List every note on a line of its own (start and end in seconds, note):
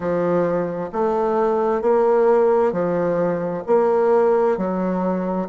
0.00 0.90 F3
0.92 1.81 A3
1.81 2.72 A#3
2.72 3.63 F3
3.66 4.57 A#3
4.57 5.48 F#3